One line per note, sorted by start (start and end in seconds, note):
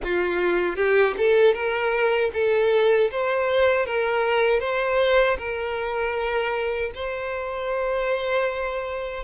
0.03 0.76 F4
0.76 1.14 G4
1.17 1.53 A4
1.53 2.30 A#4
2.33 3.10 A4
3.11 3.86 C5
3.86 4.60 A#4
4.60 5.37 C5
5.37 6.91 A#4
6.94 9.23 C5